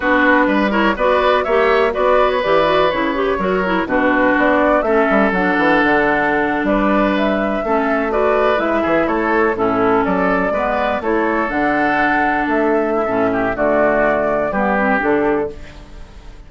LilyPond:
<<
  \new Staff \with { instrumentName = "flute" } { \time 4/4 \tempo 4 = 124 b'4. cis''8 d''4 e''4 | d''8. cis''16 d''4 cis''2 | b'4 d''4 e''4 fis''4~ | fis''4.~ fis''16 d''4 e''4~ e''16~ |
e''8. d''4 e''4 cis''4 a'16~ | a'8. d''2 cis''4 fis''16~ | fis''4.~ fis''16 e''2~ e''16 | d''2 b'4 a'4 | }
  \new Staff \with { instrumentName = "oboe" } { \time 4/4 fis'4 b'8 ais'8 b'4 cis''4 | b'2. ais'4 | fis'2 a'2~ | a'4.~ a'16 b'2 a'16~ |
a'8. b'4. gis'8 a'4 e'16~ | e'8. a'4 b'4 a'4~ a'16~ | a'2~ a'8. e'16 a'8 g'8 | fis'2 g'2 | }
  \new Staff \with { instrumentName = "clarinet" } { \time 4/4 d'4. e'8 fis'4 g'4 | fis'4 g'8 fis'8 e'8 g'8 fis'8 e'8 | d'2 cis'4 d'4~ | d'2.~ d'8. cis'16~ |
cis'8. fis'4 e'2 cis'16~ | cis'4.~ cis'16 b4 e'4 d'16~ | d'2. cis'4 | a2 b8 c'8 d'4 | }
  \new Staff \with { instrumentName = "bassoon" } { \time 4/4 b4 g4 b4 ais4 | b4 e4 cis4 fis4 | b,4 b4 a8 g8 fis8 e8 | d4.~ d16 g2 a16~ |
a4.~ a16 gis8 e8 a4 a,16~ | a,8. fis4 gis4 a4 d16~ | d4.~ d16 a4~ a16 a,4 | d2 g4 d4 | }
>>